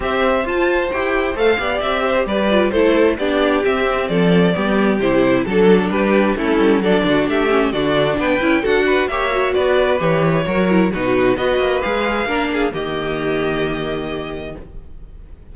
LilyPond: <<
  \new Staff \with { instrumentName = "violin" } { \time 4/4 \tempo 4 = 132 e''4 a''4 g''4 f''4 | e''4 d''4 c''4 d''4 | e''4 d''2 c''4 | a'4 b'4 a'4 d''4 |
e''4 d''4 g''4 fis''4 | e''4 d''4 cis''2 | b'4 dis''4 f''2 | dis''1 | }
  \new Staff \with { instrumentName = "violin" } { \time 4/4 c''2.~ c''8 d''8~ | d''8 c''8 b'4 a'4 g'4~ | g'4 a'4 g'2 | a'4 g'4 e'4 a'8 fis'8 |
g'4 fis'4 b'4 a'8 b'8 | cis''4 b'2 ais'4 | fis'4 b'2 ais'8 gis'8 | g'1 | }
  \new Staff \with { instrumentName = "viola" } { \time 4/4 g'4 f'4 g'4 a'8 g'8~ | g'4. f'8 e'4 d'4 | c'2 b4 e'4 | d'2 cis'4 d'4~ |
d'8 cis'8 d'4. e'8 fis'4 | g'8 fis'4. g'4 fis'8 e'8 | dis'4 fis'4 gis'4 d'4 | ais1 | }
  \new Staff \with { instrumentName = "cello" } { \time 4/4 c'4 f'4 e'4 a8 b8 | c'4 g4 a4 b4 | c'4 f4 g4 c4 | fis4 g4 a8 g8 fis8 d8 |
a4 d4 b8 cis'8 d'4 | ais4 b4 e4 fis4 | b,4 b8 ais8 gis4 ais4 | dis1 | }
>>